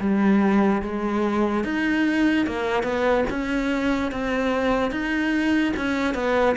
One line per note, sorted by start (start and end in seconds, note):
0.00 0.82 G3
0.82 1.64 G#3
1.64 2.46 D#4
2.47 2.83 A#3
2.83 3.24 B3
3.30 4.12 C#4
4.12 4.91 C4
4.91 5.73 D#4
5.76 6.15 C#4
6.15 6.56 B3